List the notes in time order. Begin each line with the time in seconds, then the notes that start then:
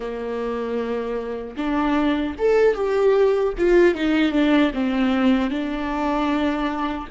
0.00 A#3
1.56 D4
2.38 A4
2.74 G4
3.57 F4
3.95 D#4
4.32 D4
4.73 C4
5.50 D4